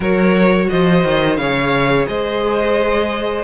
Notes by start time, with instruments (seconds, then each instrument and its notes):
0.00 cello F#3, viola F#4, violin A#4 C#5
0.69 cello F3, violin C5 D#5
1.04 cello D#3
1.36 cello C#3, viola G#4, violin C#5 F5
2.07 cello G#3, violin C5 D#5